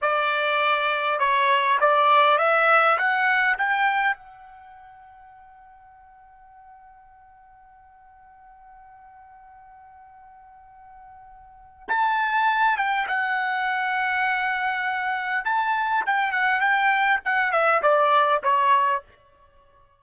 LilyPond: \new Staff \with { instrumentName = "trumpet" } { \time 4/4 \tempo 4 = 101 d''2 cis''4 d''4 | e''4 fis''4 g''4 fis''4~ | fis''1~ | fis''1~ |
fis''1 | a''4. g''8 fis''2~ | fis''2 a''4 g''8 fis''8 | g''4 fis''8 e''8 d''4 cis''4 | }